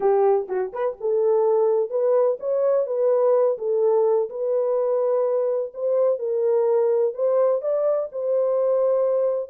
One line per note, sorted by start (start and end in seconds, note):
0.00 0.47 G4
0.48 0.72 F#4
0.73 0.96 B4
1.00 1.89 A4
1.89 2.37 B4
2.39 2.86 C#5
2.86 3.57 B4
3.57 4.29 A4
4.29 5.72 B4
5.74 6.18 C5
6.18 7.13 A#4
7.14 7.61 C5
7.61 8.09 D5
8.12 9.50 C5